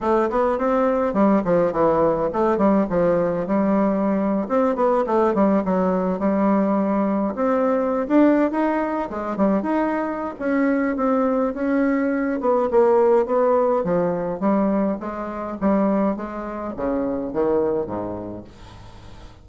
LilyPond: \new Staff \with { instrumentName = "bassoon" } { \time 4/4 \tempo 4 = 104 a8 b8 c'4 g8 f8 e4 | a8 g8 f4 g4.~ g16 c'16~ | c'16 b8 a8 g8 fis4 g4~ g16~ | g8. c'4~ c'16 d'8. dis'4 gis16~ |
gis16 g8 dis'4~ dis'16 cis'4 c'4 | cis'4. b8 ais4 b4 | f4 g4 gis4 g4 | gis4 cis4 dis4 gis,4 | }